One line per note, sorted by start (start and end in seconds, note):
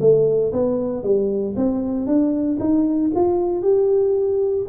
0.00 0.52 A3
0.52 1.03 B3
1.03 1.55 G3
1.56 2.06 C4
2.06 2.58 D4
2.60 3.11 D#4
3.15 3.62 F4
3.62 4.66 G4